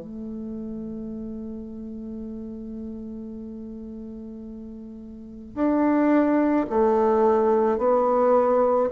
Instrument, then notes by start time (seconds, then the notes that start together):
bassoon
0.00 A3
5.55 D4
6.69 A3
7.78 B3